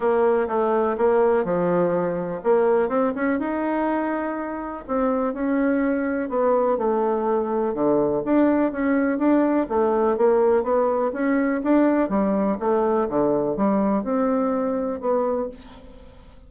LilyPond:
\new Staff \with { instrumentName = "bassoon" } { \time 4/4 \tempo 4 = 124 ais4 a4 ais4 f4~ | f4 ais4 c'8 cis'8 dis'4~ | dis'2 c'4 cis'4~ | cis'4 b4 a2 |
d4 d'4 cis'4 d'4 | a4 ais4 b4 cis'4 | d'4 g4 a4 d4 | g4 c'2 b4 | }